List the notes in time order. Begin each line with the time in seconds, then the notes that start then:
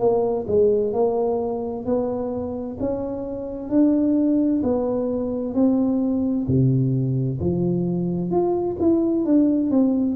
0.00 A#3
0.48 G#3
0.94 A#3
1.86 B3
2.80 C#4
3.70 D4
4.64 B3
5.55 C4
6.48 C3
7.41 F3
8.31 F4
8.80 E4
9.26 D4
9.71 C4